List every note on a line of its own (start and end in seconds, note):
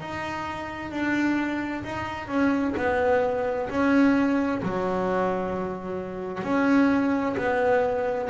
0.00 0.91 D#4
0.91 1.83 D4
1.84 2.28 D#4
2.28 2.74 C#4
2.77 3.69 B3
3.69 4.62 C#4
4.63 6.43 F#3
6.43 7.36 C#4
7.37 8.29 B3